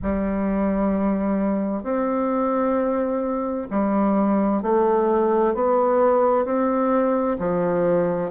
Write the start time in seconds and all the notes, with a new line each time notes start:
0.02 G3
1.83 C4
3.70 G3
4.62 A3
5.54 B3
6.44 C4
7.38 F3